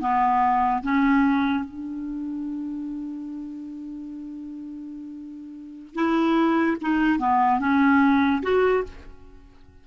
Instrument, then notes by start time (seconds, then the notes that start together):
clarinet
0.00 B3
0.83 C#4
1.64 D4
5.95 E4
6.81 D#4
7.19 B3
7.60 C#4
8.43 F#4